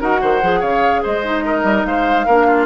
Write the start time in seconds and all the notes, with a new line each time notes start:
0.00 D#4 F#4 A#4 F#5
0.21 D#3 C5
0.42 F3 G#4
0.60 C#3 C#5 F5
1.03 G#3 C5 D#5
1.23 D#4
1.46 A#4
1.64 G3
1.86 G#3 C5 F5
2.26 A#3 D4 A#4
2.47 F4